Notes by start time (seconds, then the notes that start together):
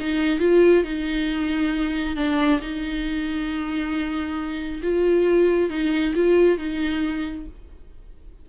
0.00 D#4
0.40 F4
0.84 D#4
2.16 D4
2.61 D#4
4.83 F4
5.70 D#4
6.15 F4
6.58 D#4